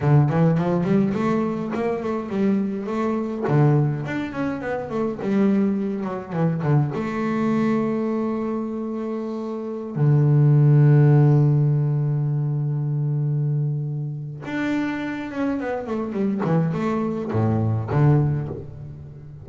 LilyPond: \new Staff \with { instrumentName = "double bass" } { \time 4/4 \tempo 4 = 104 d8 e8 f8 g8 a4 ais8 a8 | g4 a4 d4 d'8 cis'8 | b8 a8 g4. fis8 e8 d8 | a1~ |
a4~ a16 d2~ d8.~ | d1~ | d4 d'4. cis'8 b8 a8 | g8 e8 a4 a,4 d4 | }